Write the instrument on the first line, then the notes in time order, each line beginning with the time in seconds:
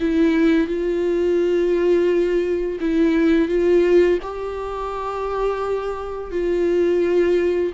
viola
0.00 E4
0.67 F4
2.80 E4
3.48 F4
4.22 G4
6.31 F4